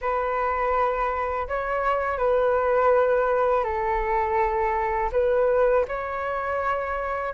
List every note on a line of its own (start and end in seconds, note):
0.01 1.47 B4
1.48 2.18 C#5
2.18 3.64 B4
3.64 5.10 A4
5.12 5.85 B4
5.87 7.33 C#5